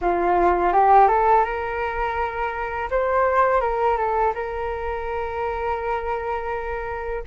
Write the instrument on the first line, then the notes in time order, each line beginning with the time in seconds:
flute
0.01 F4
0.72 G4
1.08 A4
1.44 A#4
2.90 C5
3.60 A#4
3.97 A4
4.34 A#4